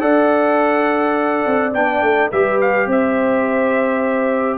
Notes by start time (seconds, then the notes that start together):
0.00 D4 A4 D5 F#5
1.47 C4
1.74 B3 D4 G5
2.02 A3
2.30 G3 G4 B4 E5
2.61 F5
2.86 C4 C5 E5